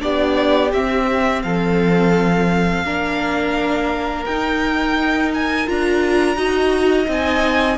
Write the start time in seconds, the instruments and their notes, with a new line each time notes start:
0.00 cello B3, viola D4, violin G4 D5
0.73 cello C4, viola C4, violin E5
1.42 cello F3, violin A4 F5
2.85 cello A#3, viola D4, violin A#4
4.26 cello D#4, viola D#4, violin G5
5.34 violin G#5
5.67 cello D4, viola F4, violin A#5
6.36 cello D#4, viola F#4, violin D#5
7.06 cello C4, viola D#4
7.12 violin G#5